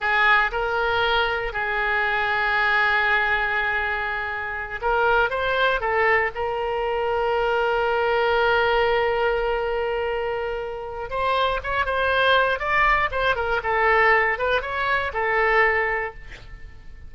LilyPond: \new Staff \with { instrumentName = "oboe" } { \time 4/4 \tempo 4 = 119 gis'4 ais'2 gis'4~ | gis'1~ | gis'4. ais'4 c''4 a'8~ | a'8 ais'2.~ ais'8~ |
ais'1~ | ais'2 c''4 cis''8 c''8~ | c''4 d''4 c''8 ais'8 a'4~ | a'8 b'8 cis''4 a'2 | }